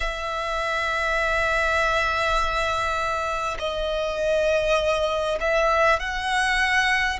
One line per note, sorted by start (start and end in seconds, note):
0.00 3.57 E5
3.58 5.38 D#5
5.40 5.99 E5
5.99 7.19 F#5